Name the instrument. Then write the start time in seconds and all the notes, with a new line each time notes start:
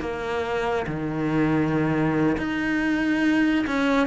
cello
0.00 A#3
0.86 D#3
2.37 D#4
3.66 C#4